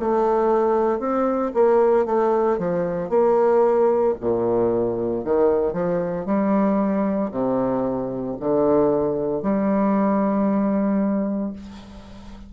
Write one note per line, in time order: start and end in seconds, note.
0.00 1.00 A3
1.00 1.52 C4
1.54 2.06 A#3
2.06 2.58 A3
2.59 3.10 F3
3.10 4.15 A#3
4.21 5.25 A#2
5.25 5.73 D#3
5.73 6.26 F3
6.26 7.31 G3
7.32 8.37 C3
8.40 9.43 D3
9.43 11.53 G3